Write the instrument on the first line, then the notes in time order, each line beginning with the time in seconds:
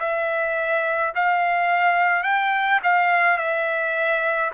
trumpet
0.00 E5
1.15 F5
2.24 G5
2.84 F5
3.38 E5